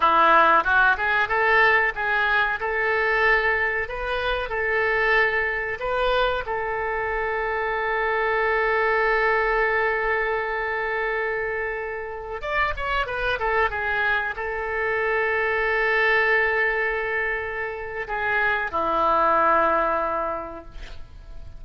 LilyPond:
\new Staff \with { instrumentName = "oboe" } { \time 4/4 \tempo 4 = 93 e'4 fis'8 gis'8 a'4 gis'4 | a'2 b'4 a'4~ | a'4 b'4 a'2~ | a'1~ |
a'2.~ a'16 d''8 cis''16~ | cis''16 b'8 a'8 gis'4 a'4.~ a'16~ | a'1 | gis'4 e'2. | }